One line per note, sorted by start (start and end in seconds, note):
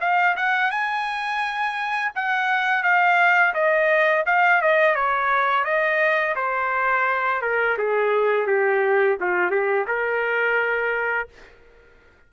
0.00 0.35 F5
0.36 0.71 F#5
0.71 2.12 G#5
2.15 2.83 F#5
2.83 3.54 F5
3.54 4.24 D#5
4.26 4.61 F5
4.61 4.95 D#5
4.95 5.64 C#5
5.64 6.35 D#5
6.36 7.41 C5
7.41 7.77 A#4
7.78 8.47 G#4
8.47 9.17 G4
9.20 9.51 F4
9.51 9.86 G4
9.87 11.28 A#4